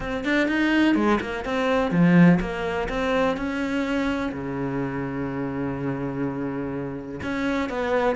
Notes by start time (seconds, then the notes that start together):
0.00 C4
0.24 D4
0.48 D#4
0.95 G#3
1.20 A#3
1.44 C4
1.91 F3
2.40 A#3
2.88 C4
3.36 C#4
4.32 C#3
7.22 C#4
7.69 B3